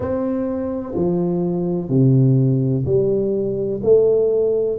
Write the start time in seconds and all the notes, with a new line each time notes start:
0.00 C4
0.95 F3
1.89 C3
2.85 G3
3.83 A3